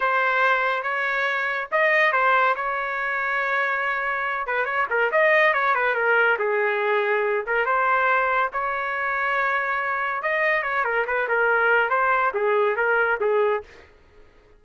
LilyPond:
\new Staff \with { instrumentName = "trumpet" } { \time 4/4 \tempo 4 = 141 c''2 cis''2 | dis''4 c''4 cis''2~ | cis''2~ cis''8 b'8 cis''8 ais'8 | dis''4 cis''8 b'8 ais'4 gis'4~ |
gis'4. ais'8 c''2 | cis''1 | dis''4 cis''8 ais'8 b'8 ais'4. | c''4 gis'4 ais'4 gis'4 | }